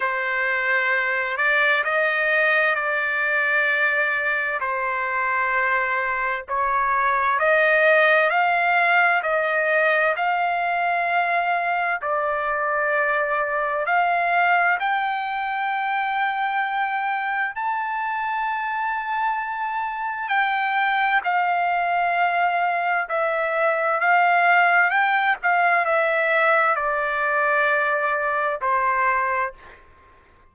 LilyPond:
\new Staff \with { instrumentName = "trumpet" } { \time 4/4 \tempo 4 = 65 c''4. d''8 dis''4 d''4~ | d''4 c''2 cis''4 | dis''4 f''4 dis''4 f''4~ | f''4 d''2 f''4 |
g''2. a''4~ | a''2 g''4 f''4~ | f''4 e''4 f''4 g''8 f''8 | e''4 d''2 c''4 | }